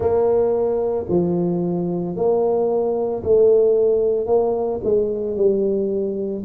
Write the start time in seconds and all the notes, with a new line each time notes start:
0.00 A#3
1.09 F3
2.15 A#3
3.23 A3
4.26 A#3
4.84 G#3
5.36 G3